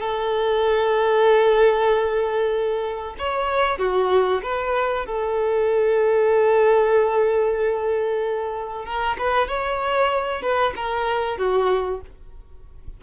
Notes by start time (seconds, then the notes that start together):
0.00 A4
3.19 C#5
3.79 F#4
4.43 B4
5.06 A4
8.86 A#4
9.19 B4
9.48 C#5
10.42 B4
10.77 A#4
11.38 F#4